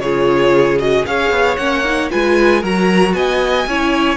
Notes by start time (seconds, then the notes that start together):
0.00 C#3 F4 G#4 C#5
0.79 F#4 D#5
1.06 C#4 G#4 C#5 F5
1.31 B3
1.57 A#3 C#4 F#5
1.85 D#4
2.11 G#3 F4 B4 G#5
2.61 F#3 F#4 A#4 A#5
3.14 B3 D#5 G#5
3.67 C#4 E4 C#5